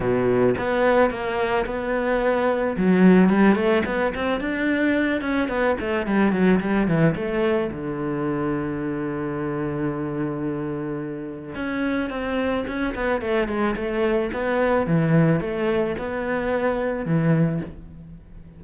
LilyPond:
\new Staff \with { instrumentName = "cello" } { \time 4/4 \tempo 4 = 109 b,4 b4 ais4 b4~ | b4 fis4 g8 a8 b8 c'8 | d'4. cis'8 b8 a8 g8 fis8 | g8 e8 a4 d2~ |
d1~ | d4 cis'4 c'4 cis'8 b8 | a8 gis8 a4 b4 e4 | a4 b2 e4 | }